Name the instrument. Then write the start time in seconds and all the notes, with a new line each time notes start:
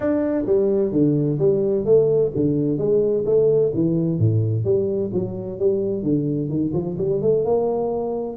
tuba
0.00 D4
0.45 G3
0.92 D3
1.38 G3
1.85 A3
2.35 D3
2.78 G#3
3.25 A3
3.74 E3
4.18 A2
4.64 G3
5.13 F#3
5.59 G3
6.02 D3
6.49 D#3
6.73 F3
6.98 G3
7.21 A3
7.44 A#3